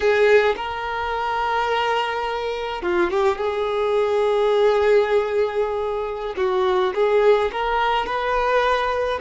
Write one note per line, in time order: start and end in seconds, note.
0.00 0.55 G#4
0.56 2.81 A#4
2.81 3.10 F4
3.10 3.37 G4
3.37 6.34 G#4
6.37 6.93 F#4
6.94 7.51 G#4
7.51 8.05 A#4
8.05 9.19 B4